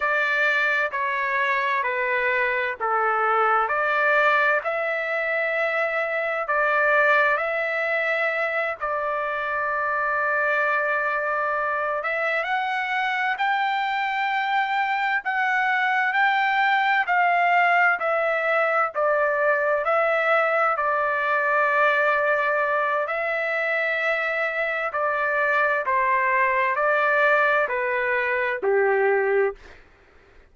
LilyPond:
\new Staff \with { instrumentName = "trumpet" } { \time 4/4 \tempo 4 = 65 d''4 cis''4 b'4 a'4 | d''4 e''2 d''4 | e''4. d''2~ d''8~ | d''4 e''8 fis''4 g''4.~ |
g''8 fis''4 g''4 f''4 e''8~ | e''8 d''4 e''4 d''4.~ | d''4 e''2 d''4 | c''4 d''4 b'4 g'4 | }